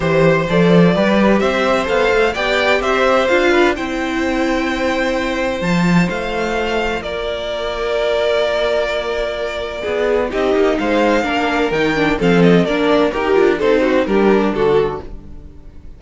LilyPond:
<<
  \new Staff \with { instrumentName = "violin" } { \time 4/4 \tempo 4 = 128 c''4 d''2 e''4 | f''4 g''4 e''4 f''4 | g''1 | a''4 f''2 d''4~ |
d''1~ | d''2 dis''4 f''4~ | f''4 g''4 f''8 dis''8 d''4 | ais'4 c''4 ais'4 a'4 | }
  \new Staff \with { instrumentName = "violin" } { \time 4/4 c''2 b'4 c''4~ | c''4 d''4 c''4. b'8 | c''1~ | c''2. ais'4~ |
ais'1~ | ais'4 gis'4 g'4 c''4 | ais'2 a'4 ais'4 | g'4 a'8 fis'8 g'4 fis'4 | }
  \new Staff \with { instrumentName = "viola" } { \time 4/4 g'4 a'4 g'2 | a'4 g'2 f'4 | e'1 | f'1~ |
f'1~ | f'2 dis'2 | d'4 dis'8 d'8 c'4 d'4 | g'8 f'8 dis'4 d'2 | }
  \new Staff \with { instrumentName = "cello" } { \time 4/4 e4 f4 g4 c'4 | b8 a8 b4 c'4 d'4 | c'1 | f4 a2 ais4~ |
ais1~ | ais4 b4 c'8 ais8 gis4 | ais4 dis4 f4 ais4 | dis'8 d'8 c'4 g4 d4 | }
>>